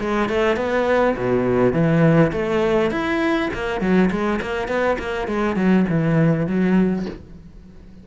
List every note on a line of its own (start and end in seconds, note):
0.00 0.29 G#3
0.29 0.56 A3
0.56 1.15 B3
1.16 1.73 B2
1.73 2.32 E3
2.32 2.91 A3
2.91 3.50 E4
3.53 3.81 A#3
3.81 4.10 F#3
4.11 4.40 G#3
4.42 4.68 A#3
4.68 4.97 B3
4.99 5.28 A#3
5.28 5.56 G#3
5.56 5.86 F#3
5.89 6.47 E3
6.47 7.06 F#3